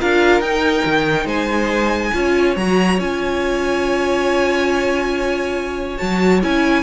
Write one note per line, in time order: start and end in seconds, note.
0.00 0.41 D4
0.00 0.43 F4
0.00 1.26 A#4
0.00 0.42 F5
0.41 0.84 D#4
0.41 2.13 D#4
0.41 1.27 G5
0.85 1.26 D#3
1.26 2.12 G#3
1.26 2.11 C5
1.26 2.57 G#5
2.13 2.57 C#4
2.13 2.56 F4
2.13 6.83 C#5
2.56 2.99 F#3
2.56 2.99 F#4
2.56 3.00 A#5
2.99 5.99 C#4
2.99 5.98 F4
2.99 5.98 G#5
5.98 6.44 F#3
5.98 6.40 F#4
5.98 6.40 A5
6.43 6.83 C#4
6.43 6.83 E4
6.43 6.83 G#5